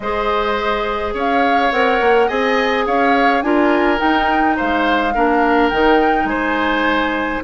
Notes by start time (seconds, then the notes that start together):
0.00 G#3 G#4 C5 D#5
1.14 C#4 C#5 F5
1.71 C4 A#4 F#5
2.00 A#3
2.27 C4 G#4 D#5 G#5
2.86 C#4 C#5 F5
3.41 D4 F4 A#4 G#5
3.97 D#4 G5
4.56 G#3 C5 F5
5.14 A#3 D4 A#4
5.69 D#3 D#4 G5
6.24 G#3 C5 G#5